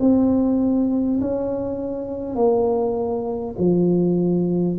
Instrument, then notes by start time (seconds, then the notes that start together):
tuba
0.00 C4
1.21 C#4
2.35 A#3
3.58 F3